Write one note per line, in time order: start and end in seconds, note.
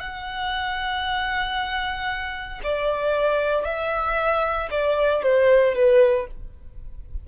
0.00 2.61 F#5
2.63 3.65 D5
3.65 4.69 E5
4.71 5.23 D5
5.23 5.75 C5
5.75 6.27 B4